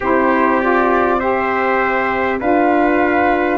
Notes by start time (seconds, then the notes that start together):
0.00 C4 E4 G4 C5
0.60 F4 D5
1.19 G4 C5 E5
2.40 D4 F4 B4 F5